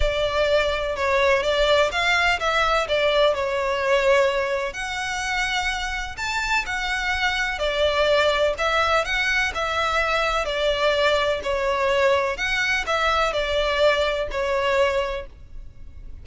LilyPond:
\new Staff \with { instrumentName = "violin" } { \time 4/4 \tempo 4 = 126 d''2 cis''4 d''4 | f''4 e''4 d''4 cis''4~ | cis''2 fis''2~ | fis''4 a''4 fis''2 |
d''2 e''4 fis''4 | e''2 d''2 | cis''2 fis''4 e''4 | d''2 cis''2 | }